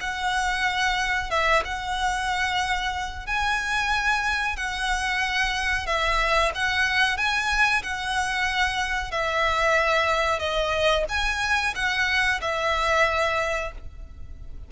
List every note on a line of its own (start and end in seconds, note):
0.00 1.30 F#5
1.30 1.62 E5
1.65 3.26 F#5
3.26 4.56 G#5
4.56 5.86 F#5
5.86 6.51 E5
6.54 7.17 F#5
7.17 7.82 G#5
7.82 9.11 F#5
9.11 10.39 E5
10.39 11.04 D#5
11.08 11.73 G#5
11.75 12.40 F#5
12.41 13.71 E5